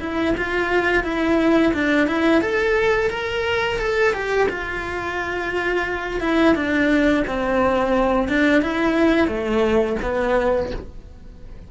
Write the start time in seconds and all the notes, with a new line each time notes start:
0.00 E4
0.37 F4
1.03 E4
1.73 D4
2.07 E4
2.41 A4
3.09 A#4
3.79 A4
4.13 G4
4.49 F4
6.20 E4
6.55 D4
7.27 C4
8.28 D4
8.62 E4
9.27 A3
10.02 B3